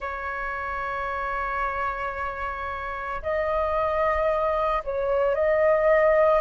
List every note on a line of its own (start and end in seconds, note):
0.00 3.21 C#5
3.22 4.83 D#5
4.84 5.35 C#5
5.35 6.41 D#5